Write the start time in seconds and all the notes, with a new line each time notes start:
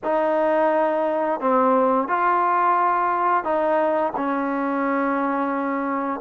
0.03 D#4
1.40 C4
2.08 F4
3.44 D#4
4.16 C#4